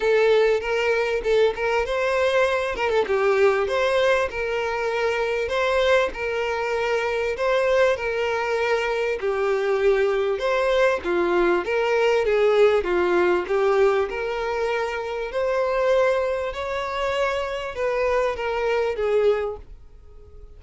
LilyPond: \new Staff \with { instrumentName = "violin" } { \time 4/4 \tempo 4 = 98 a'4 ais'4 a'8 ais'8 c''4~ | c''8 ais'16 a'16 g'4 c''4 ais'4~ | ais'4 c''4 ais'2 | c''4 ais'2 g'4~ |
g'4 c''4 f'4 ais'4 | gis'4 f'4 g'4 ais'4~ | ais'4 c''2 cis''4~ | cis''4 b'4 ais'4 gis'4 | }